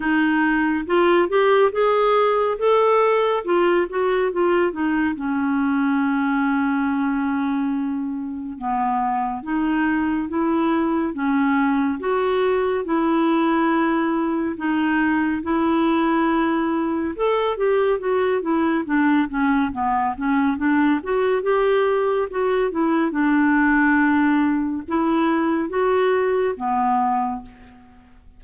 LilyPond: \new Staff \with { instrumentName = "clarinet" } { \time 4/4 \tempo 4 = 70 dis'4 f'8 g'8 gis'4 a'4 | f'8 fis'8 f'8 dis'8 cis'2~ | cis'2 b4 dis'4 | e'4 cis'4 fis'4 e'4~ |
e'4 dis'4 e'2 | a'8 g'8 fis'8 e'8 d'8 cis'8 b8 cis'8 | d'8 fis'8 g'4 fis'8 e'8 d'4~ | d'4 e'4 fis'4 b4 | }